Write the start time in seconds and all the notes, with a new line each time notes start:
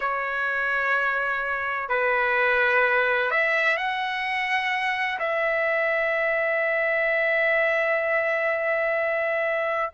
0.00 C#5
1.89 B4
3.30 E5
3.77 F#5
5.19 E5